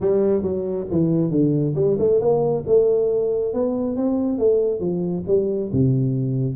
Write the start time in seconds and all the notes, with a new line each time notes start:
0.00 G3
0.42 F#3
0.90 E3
1.30 D3
1.75 G3
1.98 A3
2.20 A#3
2.66 A3
3.53 B3
3.96 C4
4.38 A3
4.80 F3
5.27 G3
5.72 C3